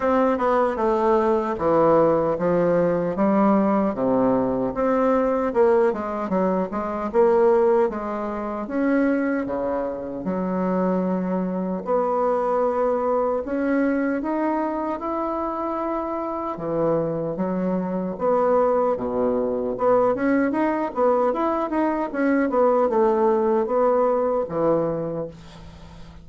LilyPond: \new Staff \with { instrumentName = "bassoon" } { \time 4/4 \tempo 4 = 76 c'8 b8 a4 e4 f4 | g4 c4 c'4 ais8 gis8 | fis8 gis8 ais4 gis4 cis'4 | cis4 fis2 b4~ |
b4 cis'4 dis'4 e'4~ | e'4 e4 fis4 b4 | b,4 b8 cis'8 dis'8 b8 e'8 dis'8 | cis'8 b8 a4 b4 e4 | }